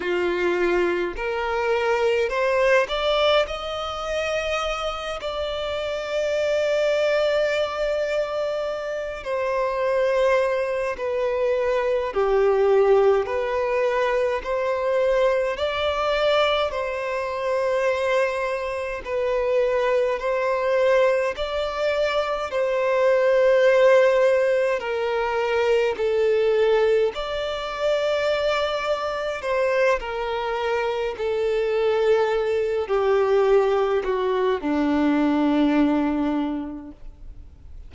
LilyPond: \new Staff \with { instrumentName = "violin" } { \time 4/4 \tempo 4 = 52 f'4 ais'4 c''8 d''8 dis''4~ | dis''8 d''2.~ d''8 | c''4. b'4 g'4 b'8~ | b'8 c''4 d''4 c''4.~ |
c''8 b'4 c''4 d''4 c''8~ | c''4. ais'4 a'4 d''8~ | d''4. c''8 ais'4 a'4~ | a'8 g'4 fis'8 d'2 | }